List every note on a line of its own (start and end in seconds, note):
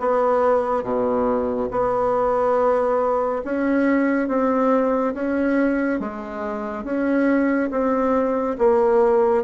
0.00 0.84 B3
0.84 1.69 B2
1.71 3.43 B3
3.45 4.29 C#4
4.29 5.14 C4
5.15 6.00 C#4
6.00 6.85 G#3
6.85 7.70 C#4
7.71 8.57 C4
8.59 9.44 A#3